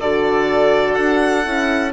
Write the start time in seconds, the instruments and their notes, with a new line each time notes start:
0.00 bassoon D3, horn F#4, oboe A4, violin D5
0.95 bassoon D4, violin F#5
1.43 bassoon C#4, horn E4